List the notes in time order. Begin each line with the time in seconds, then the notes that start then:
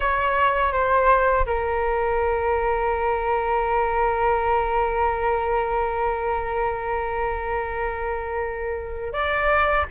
0.00 C#5
0.72 C5
1.46 A#4
9.12 D5